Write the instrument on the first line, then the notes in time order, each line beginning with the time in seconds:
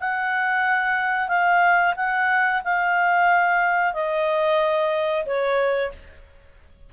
clarinet
0.00 F#5
1.28 F5
1.96 F#5
2.64 F5
3.94 D#5
5.26 C#5